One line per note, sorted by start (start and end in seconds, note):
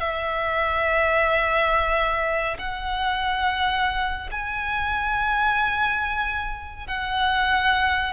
0.00 2.57 E5
2.58 4.29 F#5
4.31 6.87 G#5
6.87 8.13 F#5